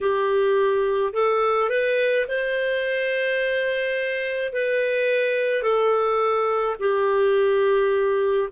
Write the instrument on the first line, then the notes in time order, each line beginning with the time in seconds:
clarinet
0.00 G4
1.13 A4
1.69 B4
2.27 C5
4.53 B4
5.62 A4
6.79 G4